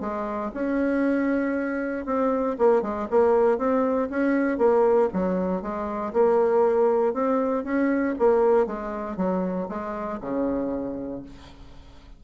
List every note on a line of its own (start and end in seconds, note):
0.00 0.51 G#3
0.54 2.05 C#4
2.05 2.56 C4
2.58 2.82 A#3
2.82 3.07 G#3
3.10 3.58 A#3
3.58 4.09 C4
4.10 4.58 C#4
4.58 5.08 A#3
5.13 5.62 F#3
5.62 6.13 G#3
6.13 7.13 A#3
7.13 7.64 C4
7.64 8.14 C#4
8.18 8.66 A#3
8.66 9.16 G#3
9.16 9.67 F#3
9.68 10.19 G#3
10.21 11.22 C#3